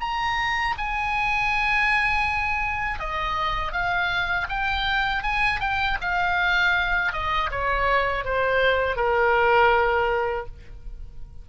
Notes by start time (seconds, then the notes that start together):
0.00 A#5
0.78 G#5
2.99 D#5
3.72 F5
4.49 G5
5.23 G#5
5.60 G5
6.01 F5
7.12 D#5
7.51 C#5
8.24 C5
8.96 A#4